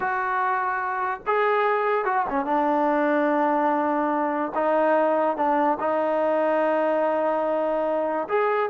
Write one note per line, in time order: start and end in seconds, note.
0.00 1.21 F#4
1.26 2.04 G#4
2.04 2.25 F#4
2.29 2.45 C#4
2.45 4.52 D4
4.54 5.36 D#4
5.36 5.78 D4
5.79 8.28 D#4
8.28 8.70 G#4